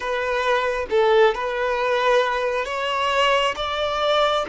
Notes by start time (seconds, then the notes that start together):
0.00 B4
0.90 A4
1.34 B4
2.65 C#5
3.56 D5